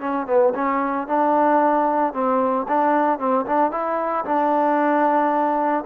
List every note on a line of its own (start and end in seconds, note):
0.00 0.27 C#4
0.27 0.53 B3
0.54 1.07 C#4
1.07 2.13 D4
2.13 2.66 C4
2.68 3.19 D4
3.19 3.45 C4
3.46 3.71 D4
3.71 4.25 E4
4.25 5.84 D4